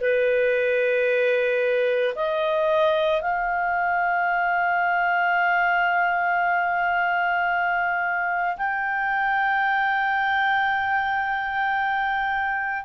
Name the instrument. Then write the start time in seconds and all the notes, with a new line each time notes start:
clarinet
0.00 B4
2.15 D#5
3.21 F5
8.57 G5